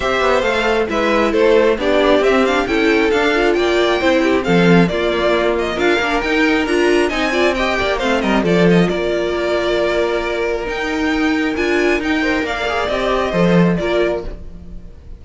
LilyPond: <<
  \new Staff \with { instrumentName = "violin" } { \time 4/4 \tempo 4 = 135 e''4 f''4 e''4 c''4 | d''4 e''8 f''8 g''4 f''4 | g''2 f''4 d''4~ | d''8 dis''8 f''4 g''4 ais''4 |
gis''4 g''4 f''8 dis''8 d''8 dis''8 | d''1 | g''2 gis''4 g''4 | f''4 dis''2 d''4 | }
  \new Staff \with { instrumentName = "violin" } { \time 4/4 c''2 b'4 a'4 | g'2 a'2 | d''4 c''8 g'8 a'4 f'4~ | f'4 ais'2. |
dis''8 d''8 dis''8 d''8 c''8 ais'8 a'4 | ais'1~ | ais'2.~ ais'8 c''8 | d''2 c''4 ais'4 | }
  \new Staff \with { instrumentName = "viola" } { \time 4/4 g'4 a'4 e'2 | d'4 c'8 d'8 e'4 d'8 f'8~ | f'4 e'4 c'4 ais4~ | ais4 f'8 d'8 dis'4 f'4 |
dis'8 f'8 g'4 c'4 f'4~ | f'1 | dis'2 f'4 dis'8 ais'8~ | ais'8 gis'8 g'4 a'4 f'4 | }
  \new Staff \with { instrumentName = "cello" } { \time 4/4 c'8 b8 a4 gis4 a4 | b4 c'4 cis'4 d'4 | ais4 c'4 f4 ais4~ | ais4 d'8 ais8 dis'4 d'4 |
c'4. ais8 a8 g8 f4 | ais1 | dis'2 d'4 dis'4 | ais4 c'4 f4 ais4 | }
>>